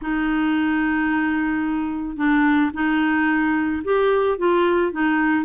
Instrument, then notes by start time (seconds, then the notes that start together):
clarinet
0.01 D#4
2.16 D4
2.73 D#4
3.84 G4
4.38 F4
4.92 D#4